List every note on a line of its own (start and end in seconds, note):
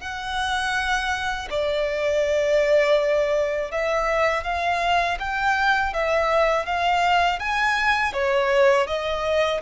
0.00 1.48 F#5
1.50 3.71 D5
3.71 4.44 E5
4.44 5.18 F5
5.19 5.93 G5
5.93 6.66 E5
6.66 7.39 F5
7.39 8.13 G#5
8.13 8.87 C#5
8.87 9.61 D#5